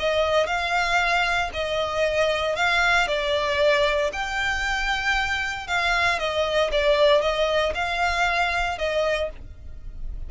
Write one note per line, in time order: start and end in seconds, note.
0.00 0.47 D#5
0.47 1.50 F5
1.54 2.56 D#5
2.56 3.08 F5
3.08 4.11 D5
4.13 5.68 G5
5.68 6.19 F5
6.19 6.71 D#5
6.72 7.22 D5
7.22 7.74 D#5
7.75 8.78 F5
8.78 9.30 D#5